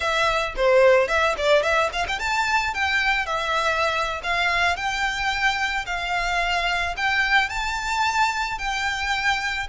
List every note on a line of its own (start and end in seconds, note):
0.00 0.54 E5
0.56 1.08 C5
1.08 1.35 E5
1.37 1.62 D5
1.62 1.90 E5
1.92 2.06 F5
2.08 2.19 G5
2.19 2.73 A5
2.73 3.26 G5
3.26 4.21 E5
4.23 4.76 F5
4.76 5.85 G5
5.86 6.95 F5
6.97 7.49 G5
7.49 8.58 A5
8.58 9.67 G5